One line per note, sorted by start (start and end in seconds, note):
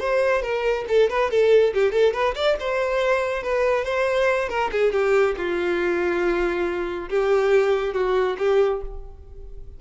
0.00 0.42 C5
0.42 0.85 A#4
0.88 1.10 A4
1.10 1.31 B4
1.31 1.74 A4
1.74 1.92 G4
1.92 2.14 A4
2.14 2.35 B4
2.35 2.57 D5
2.60 3.43 C5
3.43 3.85 B4
3.85 4.49 C5
4.49 4.71 A#4
4.72 4.92 G#4
4.92 5.35 G4
5.37 7.09 F4
7.10 7.94 G4
7.94 8.37 F#4
8.38 8.81 G4